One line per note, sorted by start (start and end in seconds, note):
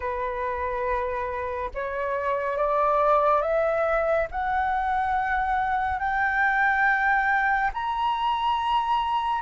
0.00 1.70 B4
1.74 2.57 C#5
2.57 3.41 D5
3.41 4.27 E5
4.31 5.99 F#5
5.99 7.70 G5
7.73 9.41 A#5